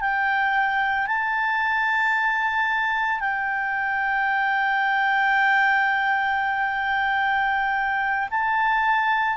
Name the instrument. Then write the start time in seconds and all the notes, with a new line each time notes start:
clarinet
0.00 G5
1.07 A5
3.19 G5
8.30 A5